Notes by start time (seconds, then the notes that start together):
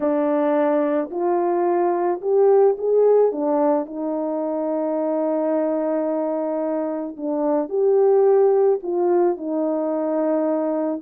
0.00 D4
1.10 F4
2.21 G4
2.78 G#4
3.32 D4
3.86 D#4
7.16 D4
7.69 G4
8.82 F4
9.37 D#4